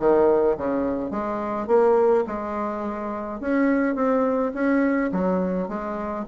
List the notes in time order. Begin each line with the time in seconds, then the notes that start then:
0.00 D#3
0.58 C#3
1.11 G#3
1.68 A#3
2.27 G#3
3.41 C#4
3.96 C4
4.54 C#4
5.12 F#3
5.69 G#3